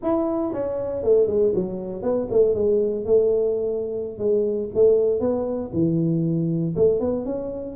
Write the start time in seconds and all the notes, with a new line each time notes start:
0.02 E4
0.52 C#4
1.03 A3
1.27 G#3
1.54 F#3
2.02 B3
2.30 A3
2.54 G#3
3.05 A3
4.18 G#3
4.74 A3
5.20 B3
5.73 E3
6.75 A3
7.00 B3
7.25 C#4